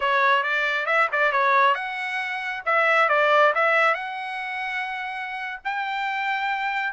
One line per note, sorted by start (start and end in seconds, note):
0.00 0.43 C#5
0.43 0.86 D5
0.86 1.08 E5
1.11 1.32 D5
1.32 1.74 C#5
1.74 2.62 F#5
2.65 3.09 E5
3.09 3.53 D5
3.55 3.94 E5
3.94 5.59 F#5
5.64 6.93 G5